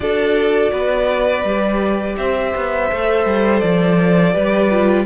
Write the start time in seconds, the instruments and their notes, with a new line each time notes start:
0.00 cello D4, viola F#4, violin A4 D5
0.72 cello B3, violin B4
1.44 cello G3, viola G4
2.16 cello C4, violin C5 E5
2.55 cello B3
2.88 cello A3, viola A4
3.25 cello G3
3.60 cello F3, violin D5
4.32 cello G3, viola G4, violin B4
4.71 viola F4